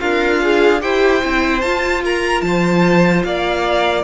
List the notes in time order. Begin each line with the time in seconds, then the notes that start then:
0.00 D4 F4 A#4 F5
0.41 G#4
0.81 E4 G4 C5 G5
1.22 C4 E4
1.61 F4 A5
2.04 A#4 A#5
2.41 F3 C5 A5
3.23 A#3 D5 F5